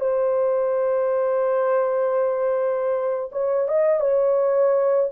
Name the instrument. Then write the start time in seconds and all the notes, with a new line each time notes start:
horn
0.00 C5
3.31 C#5
3.68 D#5
4.00 C#5